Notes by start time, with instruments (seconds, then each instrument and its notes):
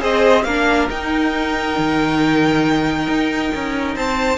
0.00 cello C4, viola G#4, violin C5 D#5
0.44 cello A#3, viola D4, violin A#4 F5
0.90 cello D#4, viola D#4, violin G5
1.79 cello D#3
3.08 cello D#4
3.55 cello C#4
3.96 cello C4, violin C5 A5